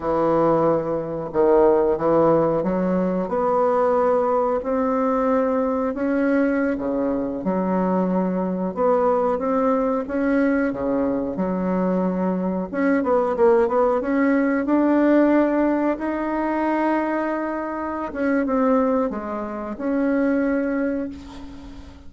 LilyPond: \new Staff \with { instrumentName = "bassoon" } { \time 4/4 \tempo 4 = 91 e2 dis4 e4 | fis4 b2 c'4~ | c'4 cis'4~ cis'16 cis4 fis8.~ | fis4~ fis16 b4 c'4 cis'8.~ |
cis'16 cis4 fis2 cis'8 b16~ | b16 ais8 b8 cis'4 d'4.~ d'16~ | d'16 dis'2.~ dis'16 cis'8 | c'4 gis4 cis'2 | }